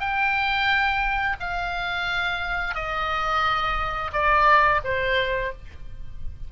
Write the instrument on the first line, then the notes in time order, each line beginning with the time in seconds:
oboe
0.00 G5
1.40 F5
2.75 D#5
4.13 D5
4.84 C5